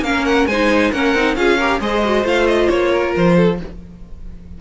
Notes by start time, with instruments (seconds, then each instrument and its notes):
0.00 cello A#3, viola C#4, violin A#4 F5
0.25 violin F#5
0.46 cello G#3, viola D#4, violin C5 G#5
0.92 cello A#3, viola C#4, violin A#4 F#5
1.14 cello C4, viola D#4
1.35 cello C#4, viola F4, violin G#4 F5
1.57 viola G4, violin A#4
1.80 cello G#3, viola G#4, violin C5 D#5
2.04 viola F#4
2.23 cello A3, viola F4, violin F5
2.46 violin D#5
2.69 cello A#3, violin C#5
2.91 violin A#4
3.16 cello F3, violin C5
3.36 violin A4